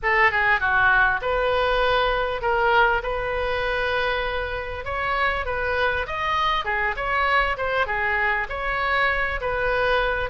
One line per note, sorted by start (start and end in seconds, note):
0.02 0.31 A4
0.31 0.60 G#4
0.60 1.20 F#4
1.21 2.41 B4
2.41 3.02 A#4
3.02 4.84 B4
4.85 5.45 C#5
5.45 6.06 B4
6.06 6.64 D#5
6.64 6.95 G#4
6.96 7.56 C#5
7.57 7.86 C5
7.86 8.47 G#4
8.49 9.40 C#5
9.40 10.29 B4